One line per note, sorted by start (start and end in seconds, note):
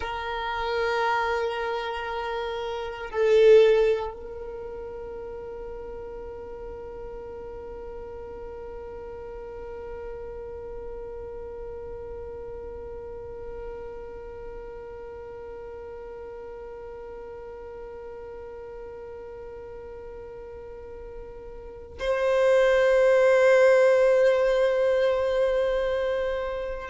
0.00 3.10 A#4
3.10 4.13 A4
4.13 21.98 A#4
21.99 26.90 C5